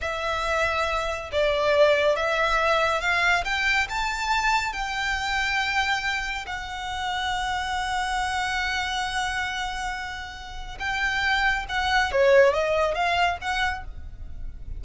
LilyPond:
\new Staff \with { instrumentName = "violin" } { \time 4/4 \tempo 4 = 139 e''2. d''4~ | d''4 e''2 f''4 | g''4 a''2 g''4~ | g''2. fis''4~ |
fis''1~ | fis''1~ | fis''4 g''2 fis''4 | cis''4 dis''4 f''4 fis''4 | }